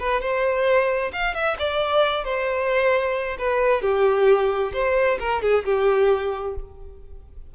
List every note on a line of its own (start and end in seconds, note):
0.00 0.22 B4
0.22 1.12 C5
1.13 1.35 F5
1.35 1.57 E5
1.59 2.25 D5
2.25 3.38 C5
3.39 3.82 B4
3.82 4.72 G4
4.73 5.19 C5
5.20 5.42 A#4
5.42 5.65 G#4
5.65 6.55 G4